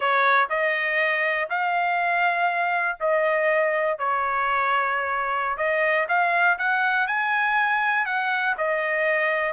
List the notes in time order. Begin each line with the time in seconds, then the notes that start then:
0.00 C#5
0.49 D#5
1.49 F5
3.00 D#5
3.98 C#5
5.57 D#5
6.08 F5
6.58 F#5
7.07 G#5
8.05 F#5
8.57 D#5